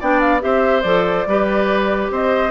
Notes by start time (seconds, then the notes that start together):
0.00 B3 D4 D5 G5
0.20 F5
0.40 C4 G4 C5 E5
0.82 F3 A4 D5
1.26 G3 G4 B4
2.11 C4 C5 D#5